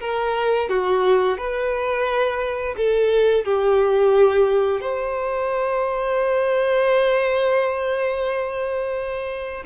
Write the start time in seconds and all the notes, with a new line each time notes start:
0.00 A#4
0.69 F#4
1.37 B4
2.77 A4
3.45 G4
4.81 C5